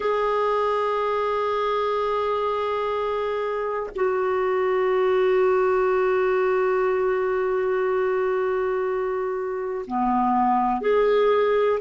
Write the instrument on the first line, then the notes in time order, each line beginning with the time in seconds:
clarinet
0.00 G#4
3.95 F#4
9.86 B3
10.81 G#4